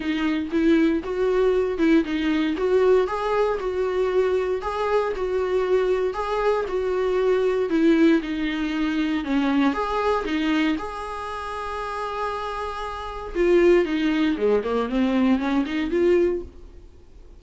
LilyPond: \new Staff \with { instrumentName = "viola" } { \time 4/4 \tempo 4 = 117 dis'4 e'4 fis'4. e'8 | dis'4 fis'4 gis'4 fis'4~ | fis'4 gis'4 fis'2 | gis'4 fis'2 e'4 |
dis'2 cis'4 gis'4 | dis'4 gis'2.~ | gis'2 f'4 dis'4 | gis8 ais8 c'4 cis'8 dis'8 f'4 | }